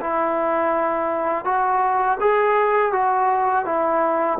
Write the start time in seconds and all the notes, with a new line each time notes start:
0.00 E4
1.45 F#4
2.20 G#4
2.92 F#4
3.65 E4